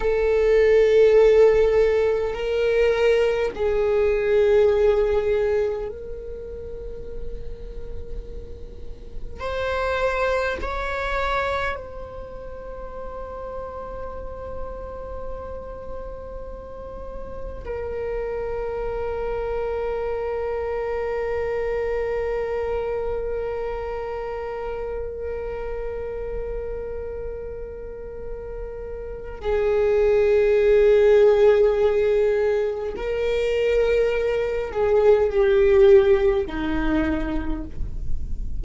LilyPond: \new Staff \with { instrumentName = "viola" } { \time 4/4 \tempo 4 = 51 a'2 ais'4 gis'4~ | gis'4 ais'2. | c''4 cis''4 c''2~ | c''2. ais'4~ |
ais'1~ | ais'1~ | ais'4 gis'2. | ais'4. gis'8 g'4 dis'4 | }